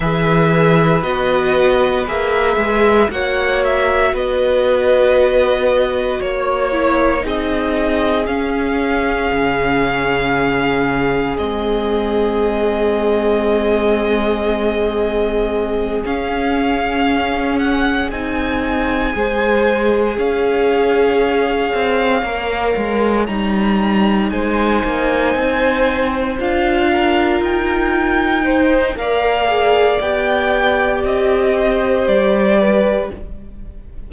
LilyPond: <<
  \new Staff \with { instrumentName = "violin" } { \time 4/4 \tempo 4 = 58 e''4 dis''4 e''4 fis''8 e''8 | dis''2 cis''4 dis''4 | f''2. dis''4~ | dis''2.~ dis''8 f''8~ |
f''4 fis''8 gis''2 f''8~ | f''2~ f''8 ais''4 gis''8~ | gis''4. f''4 g''4. | f''4 g''4 dis''4 d''4 | }
  \new Staff \with { instrumentName = "violin" } { \time 4/4 b'2. cis''4 | b'2 cis''4 gis'4~ | gis'1~ | gis'1~ |
gis'2~ gis'8 c''4 cis''8~ | cis''2.~ cis''8 c''8~ | c''2 ais'4. c''8 | d''2~ d''8 c''4 b'8 | }
  \new Staff \with { instrumentName = "viola" } { \time 4/4 gis'4 fis'4 gis'4 fis'4~ | fis'2~ fis'8 e'8 dis'4 | cis'2. c'4~ | c'2.~ c'8 cis'8~ |
cis'4. dis'4 gis'4.~ | gis'4. ais'4 dis'4.~ | dis'4. f'2 dis'8 | ais'8 gis'8 g'2. | }
  \new Staff \with { instrumentName = "cello" } { \time 4/4 e4 b4 ais8 gis8 ais4 | b2 ais4 c'4 | cis'4 cis2 gis4~ | gis2.~ gis8 cis'8~ |
cis'4. c'4 gis4 cis'8~ | cis'4 c'8 ais8 gis8 g4 gis8 | ais8 c'4 d'4 dis'4. | ais4 b4 c'4 g4 | }
>>